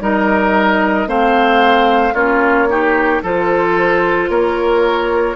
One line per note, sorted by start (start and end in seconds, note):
0.00 1.06 G3
0.00 1.06 D#4
0.00 1.08 A#4
0.00 1.08 D#5
1.06 2.14 A3
1.06 2.13 C4
1.06 2.14 C5
1.06 2.15 F5
2.14 3.21 A#3
2.14 2.68 C#4
2.14 2.67 F4
2.14 3.22 C#5
2.68 3.22 D#4
2.68 3.22 G4
3.22 4.29 F3
3.22 5.36 F4
3.22 4.29 A4
3.22 4.30 C5
4.29 5.36 A#3
4.29 5.36 A#4
4.29 5.36 C#5